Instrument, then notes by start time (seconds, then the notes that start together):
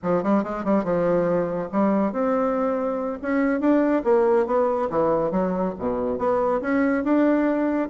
bassoon
0.02 F3
0.23 G3
0.43 G#3
0.64 G3
0.84 F3
1.72 G3
2.12 C4
3.22 C#4
3.60 D4
4.03 A#3
4.46 B3
4.90 E3
5.31 F#3
5.78 B2
6.18 B3
6.61 C#4
7.03 D4